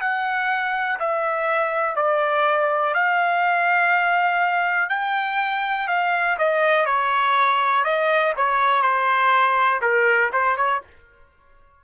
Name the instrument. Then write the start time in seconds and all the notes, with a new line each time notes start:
trumpet
0.00 F#5
0.99 E5
1.95 D5
2.94 F5
4.89 G5
5.87 F5
6.38 D#5
6.85 C#5
7.84 D#5
8.37 C#5
8.82 C5
9.81 A#4
10.32 C5
10.56 C#5